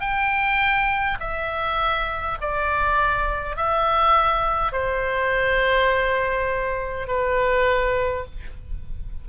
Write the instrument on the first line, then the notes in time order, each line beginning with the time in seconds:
oboe
0.00 G5
1.20 E5
2.41 D5
3.56 E5
4.72 C5
7.07 B4